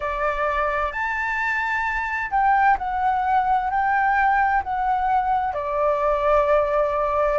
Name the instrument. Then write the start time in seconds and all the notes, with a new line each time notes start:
flute
0.00 D5
0.91 A5
2.31 G5
2.77 F#5
3.70 G5
4.63 F#5
5.53 D5